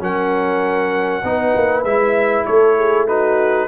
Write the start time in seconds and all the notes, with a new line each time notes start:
0.00 F#3 C#4 A#4 F#5
1.24 B3 D#4 B4
1.56 A#3
1.84 G#3 E4 E5
2.46 A3 A4 C#5
2.77 G#4
3.07 D#4 F#4 B4